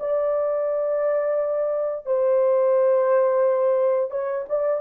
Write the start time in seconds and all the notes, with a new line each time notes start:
0.00 D5
2.06 C5
4.11 C#5
4.49 D5